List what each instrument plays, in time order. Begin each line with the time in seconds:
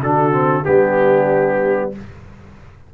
0.00 tuba D3, trombone D4, horn F#4, trumpet A4
0.32 trombone C4
0.64 tuba G3, trombone B3, horn D4, trumpet G4